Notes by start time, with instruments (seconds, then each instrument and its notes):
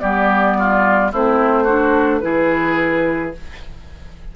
0.00 bassoon G3, clarinet B3, oboe G4, flute D5
0.58 oboe F4
1.12 bassoon A3, clarinet C4, oboe E4, flute C5
1.64 clarinet D4, oboe F#4
2.20 bassoon E3, clarinet E4, oboe G#4, flute B4